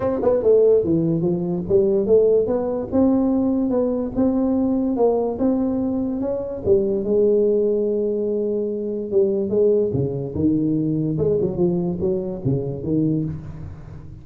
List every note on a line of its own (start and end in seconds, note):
0.00 0.19 C4
0.22 0.43 B3
0.43 0.84 A3
0.84 1.21 E3
1.21 1.63 F3
1.69 2.06 G3
2.06 2.46 A3
2.46 2.88 B3
2.92 3.70 C4
3.70 4.11 B3
4.15 4.96 C4
4.96 5.37 A#3
5.38 6.21 C4
6.21 6.62 C#4
6.65 7.04 G3
7.04 9.11 G#3
9.11 9.49 G3
9.49 9.91 G#3
9.93 10.34 C#3
10.34 11.17 D#3
11.17 11.38 G#3
11.41 11.57 F#3
11.57 11.98 F3
12.00 12.41 F#3
12.45 12.83 C#3
12.83 13.24 D#3